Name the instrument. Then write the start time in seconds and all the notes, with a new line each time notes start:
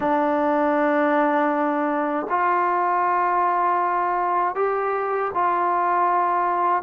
trombone
0.00 D4
2.29 F4
4.55 G4
5.34 F4